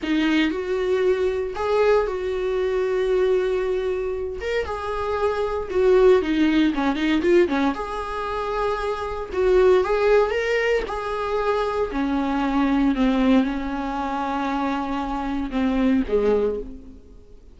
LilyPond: \new Staff \with { instrumentName = "viola" } { \time 4/4 \tempo 4 = 116 dis'4 fis'2 gis'4 | fis'1~ | fis'8 ais'8 gis'2 fis'4 | dis'4 cis'8 dis'8 f'8 cis'8 gis'4~ |
gis'2 fis'4 gis'4 | ais'4 gis'2 cis'4~ | cis'4 c'4 cis'2~ | cis'2 c'4 gis4 | }